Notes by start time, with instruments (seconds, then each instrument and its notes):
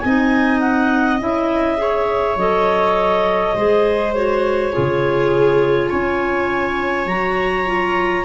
0.00 tuba C4, clarinet D#4 G#5, viola D#5
0.60 clarinet F#5
1.20 tuba C#4, clarinet E4 E5
1.77 clarinet G#4, viola C#5
2.36 tuba F#3, clarinet A4 D#5
3.55 tuba G#3, clarinet G#4, viola C5
4.13 clarinet F#4 C#5
4.72 tuba C#3, clarinet F4, viola G#4
5.89 tuba C#4, viola C#5, clarinet G#5
7.06 tuba F#3, clarinet F#4 A#5
7.65 clarinet F4